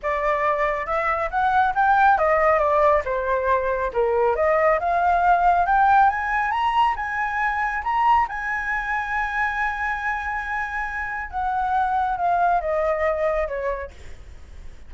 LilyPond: \new Staff \with { instrumentName = "flute" } { \time 4/4 \tempo 4 = 138 d''2 e''4 fis''4 | g''4 dis''4 d''4 c''4~ | c''4 ais'4 dis''4 f''4~ | f''4 g''4 gis''4 ais''4 |
gis''2 ais''4 gis''4~ | gis''1~ | gis''2 fis''2 | f''4 dis''2 cis''4 | }